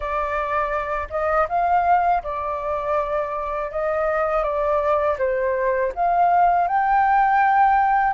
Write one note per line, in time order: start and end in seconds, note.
0.00 1.07 D5
1.09 1.46 D#5
1.48 2.23 F5
2.23 3.71 D5
3.71 4.43 D#5
4.43 5.17 D5
5.18 5.92 C5
5.95 6.67 F5
6.67 8.13 G5